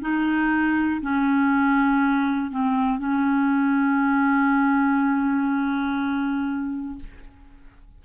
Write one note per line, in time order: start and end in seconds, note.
0.00 1.00 D#4
1.01 2.50 C#4
2.50 2.98 C4
2.98 6.98 C#4